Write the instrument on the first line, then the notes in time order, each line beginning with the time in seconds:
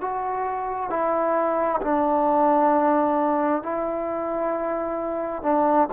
trombone
0.00 F#4
0.89 E4
1.81 D4
3.62 E4
5.42 D4